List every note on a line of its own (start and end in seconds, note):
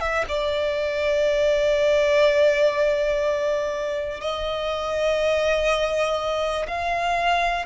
0.00 0.25 E5
0.28 4.20 D5
4.20 6.66 D#5
6.68 7.65 F5